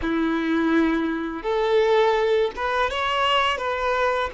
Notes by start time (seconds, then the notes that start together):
0.01 E4
1.43 A4
2.56 B4
2.90 C#5
3.57 B4